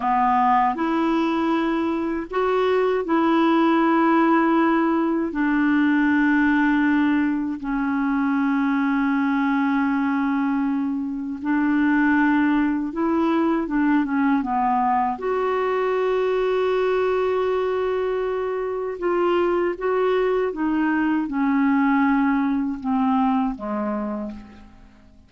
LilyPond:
\new Staff \with { instrumentName = "clarinet" } { \time 4/4 \tempo 4 = 79 b4 e'2 fis'4 | e'2. d'4~ | d'2 cis'2~ | cis'2. d'4~ |
d'4 e'4 d'8 cis'8 b4 | fis'1~ | fis'4 f'4 fis'4 dis'4 | cis'2 c'4 gis4 | }